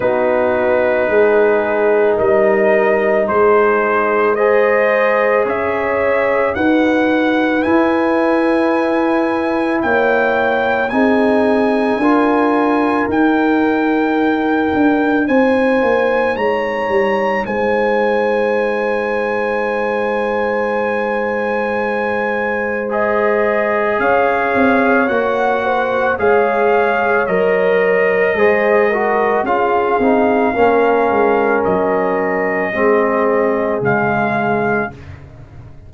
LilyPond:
<<
  \new Staff \with { instrumentName = "trumpet" } { \time 4/4 \tempo 4 = 55 b'2 dis''4 c''4 | dis''4 e''4 fis''4 gis''4~ | gis''4 g''4 gis''2 | g''2 gis''4 ais''4 |
gis''1~ | gis''4 dis''4 f''4 fis''4 | f''4 dis''2 f''4~ | f''4 dis''2 f''4 | }
  \new Staff \with { instrumentName = "horn" } { \time 4/4 fis'4 gis'4 ais'4 gis'4 | c''4 cis''4 b'2~ | b'4 cis''4 gis'4 ais'4~ | ais'2 c''4 cis''4 |
c''1~ | c''2 cis''4. c''8 | cis''2 c''8 ais'8 gis'4 | ais'2 gis'2 | }
  \new Staff \with { instrumentName = "trombone" } { \time 4/4 dis'1 | gis'2 fis'4 e'4~ | e'2 dis'4 f'4 | dis'1~ |
dis'1~ | dis'4 gis'2 fis'4 | gis'4 ais'4 gis'8 fis'8 f'8 dis'8 | cis'2 c'4 gis4 | }
  \new Staff \with { instrumentName = "tuba" } { \time 4/4 b4 gis4 g4 gis4~ | gis4 cis'4 dis'4 e'4~ | e'4 ais4 c'4 d'4 | dis'4. d'8 c'8 ais8 gis8 g8 |
gis1~ | gis2 cis'8 c'8 ais4 | gis4 fis4 gis4 cis'8 c'8 | ais8 gis8 fis4 gis4 cis4 | }
>>